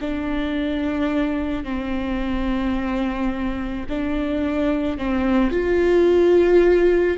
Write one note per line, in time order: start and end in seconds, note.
0.00 1.64 D4
1.64 3.86 C4
3.88 4.97 D4
4.97 5.51 C4
5.51 7.17 F4